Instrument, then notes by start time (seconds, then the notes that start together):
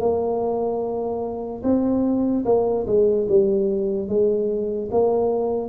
tuba
0.00 A#3
1.63 C4
2.45 A#3
2.86 G#3
3.28 G3
4.08 G#3
4.91 A#3